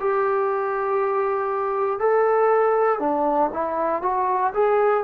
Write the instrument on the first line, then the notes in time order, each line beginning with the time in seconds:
trombone
0.00 G4
2.00 A4
3.00 D4
3.54 E4
4.03 F#4
4.54 G#4